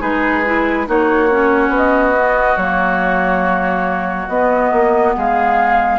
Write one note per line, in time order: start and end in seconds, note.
0.00 0.87 G#3
0.00 0.43 D#4
0.00 0.86 G#4
0.00 0.87 B4
0.45 0.86 E4
0.86 1.69 A#3
0.86 1.29 D#4
0.86 5.16 F#4
0.86 1.75 C#5
1.30 2.15 C#4
1.69 2.55 B3
1.76 2.56 D#5
2.15 2.58 B3
2.56 4.28 F#3
2.56 4.29 A#3
2.56 4.28 C#5
4.28 4.71 B3
4.28 5.99 B3
4.28 5.14 D#5
4.72 5.15 A#3
5.16 5.99 G#3
5.16 5.99 G#4
5.16 5.99 F5